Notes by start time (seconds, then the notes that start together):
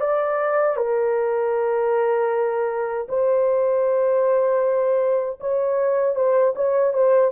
0.00 D5
0.76 A#4
3.08 C5
5.40 C#5
6.15 C5
6.55 C#5
6.93 C5